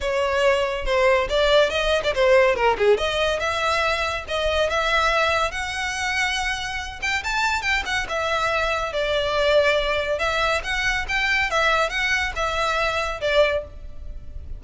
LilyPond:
\new Staff \with { instrumentName = "violin" } { \time 4/4 \tempo 4 = 141 cis''2 c''4 d''4 | dis''8. d''16 c''4 ais'8 gis'8 dis''4 | e''2 dis''4 e''4~ | e''4 fis''2.~ |
fis''8 g''8 a''4 g''8 fis''8 e''4~ | e''4 d''2. | e''4 fis''4 g''4 e''4 | fis''4 e''2 d''4 | }